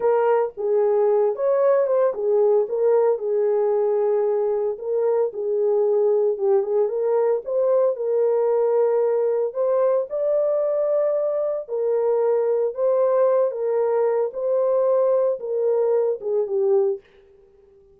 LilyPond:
\new Staff \with { instrumentName = "horn" } { \time 4/4 \tempo 4 = 113 ais'4 gis'4. cis''4 c''8 | gis'4 ais'4 gis'2~ | gis'4 ais'4 gis'2 | g'8 gis'8 ais'4 c''4 ais'4~ |
ais'2 c''4 d''4~ | d''2 ais'2 | c''4. ais'4. c''4~ | c''4 ais'4. gis'8 g'4 | }